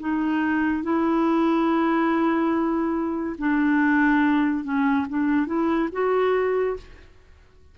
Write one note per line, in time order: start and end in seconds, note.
0.00 0.83 D#4
0.83 3.36 E4
3.38 4.64 D4
4.64 5.06 C#4
5.09 5.47 D4
5.47 5.89 E4
5.92 6.77 F#4